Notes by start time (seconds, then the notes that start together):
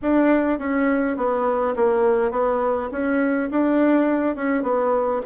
0.02 D4
0.58 C#4
1.16 B3
1.76 A#3
2.31 B3
2.91 C#4
3.50 D4
4.35 C#4
4.62 B3